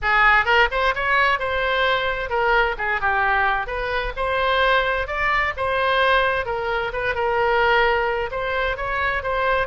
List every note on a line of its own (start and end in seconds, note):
0.02 0.45 G#4
0.45 0.68 A#4
0.71 0.94 C5
0.94 1.39 C#5
1.39 2.29 C5
2.29 2.75 A#4
2.78 3.00 G#4
3.00 3.67 G4
3.67 4.13 B4
4.16 5.07 C5
5.07 5.53 D5
5.56 6.45 C5
6.45 6.91 A#4
6.92 7.14 B4
7.14 8.30 A#4
8.31 8.76 C5
8.76 9.22 C#5
9.22 9.67 C5